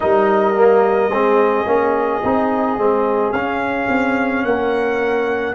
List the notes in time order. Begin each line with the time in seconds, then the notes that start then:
0.00 G3 D#4 A#4 D#5
0.55 A#3
1.10 G#3 C4 G#4
1.65 A#3 C#4
2.23 C4 D#4
2.77 G#3 C4
3.32 C#4 F5
3.88 C4
4.43 A#3 A#4 F#5